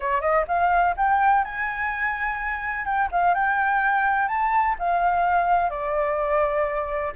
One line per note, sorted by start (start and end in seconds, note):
0.00 0.21 C#5
0.21 0.45 D#5
0.47 0.95 F5
0.97 1.44 G5
1.44 2.85 G#5
2.85 3.08 G5
3.11 3.34 F5
3.34 4.28 G5
4.28 4.75 A5
4.78 5.70 F5
5.70 7.13 D5